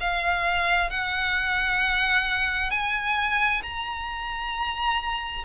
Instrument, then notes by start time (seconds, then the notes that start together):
violin
0.00 F5
0.90 F#5
2.71 G#5
3.62 A#5